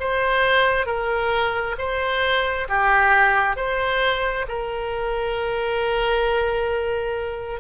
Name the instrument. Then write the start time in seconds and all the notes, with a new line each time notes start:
oboe
0.00 C5
0.86 A#4
1.78 C5
2.69 G4
3.57 C5
4.49 A#4